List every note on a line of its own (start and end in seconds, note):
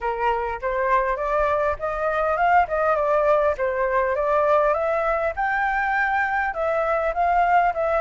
0.00 0.60 A#4
0.61 1.16 C5
1.16 1.76 D5
1.79 2.36 D#5
2.36 2.66 F5
2.68 2.95 D#5
2.95 3.55 D5
3.57 4.15 C5
4.15 4.74 D5
4.74 5.33 E5
5.36 6.53 G5
6.53 7.13 E5
7.13 7.73 F5
7.74 8.01 E5